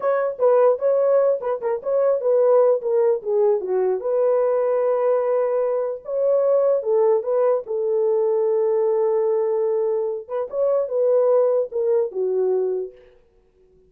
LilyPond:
\new Staff \with { instrumentName = "horn" } { \time 4/4 \tempo 4 = 149 cis''4 b'4 cis''4. b'8 | ais'8 cis''4 b'4. ais'4 | gis'4 fis'4 b'2~ | b'2. cis''4~ |
cis''4 a'4 b'4 a'4~ | a'1~ | a'4. b'8 cis''4 b'4~ | b'4 ais'4 fis'2 | }